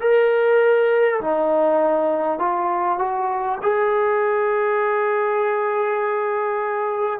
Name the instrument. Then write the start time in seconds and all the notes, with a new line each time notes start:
trombone
0.00 A#4
1.20 D#4
2.38 F4
2.98 F#4
3.62 G#4